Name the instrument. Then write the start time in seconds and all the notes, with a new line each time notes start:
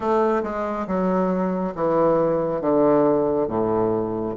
bassoon
0.00 A3
0.43 G#3
0.87 F#3
1.75 E3
2.61 D3
3.47 A2